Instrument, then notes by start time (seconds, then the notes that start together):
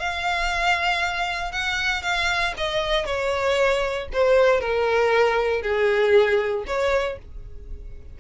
violin
0.00 F5
1.52 F#5
2.03 F5
2.57 D#5
3.06 C#5
4.13 C5
4.61 A#4
5.62 G#4
6.67 C#5